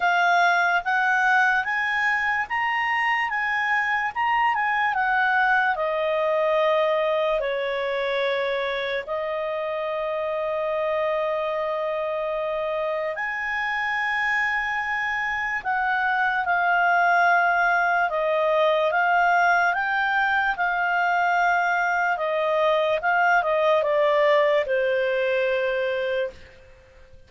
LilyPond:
\new Staff \with { instrumentName = "clarinet" } { \time 4/4 \tempo 4 = 73 f''4 fis''4 gis''4 ais''4 | gis''4 ais''8 gis''8 fis''4 dis''4~ | dis''4 cis''2 dis''4~ | dis''1 |
gis''2. fis''4 | f''2 dis''4 f''4 | g''4 f''2 dis''4 | f''8 dis''8 d''4 c''2 | }